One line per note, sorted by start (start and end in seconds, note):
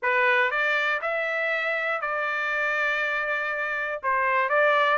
0.02 0.50 B4
0.50 1.00 D5
1.01 2.01 E5
2.01 4.01 D5
4.02 4.49 C5
4.49 4.97 D5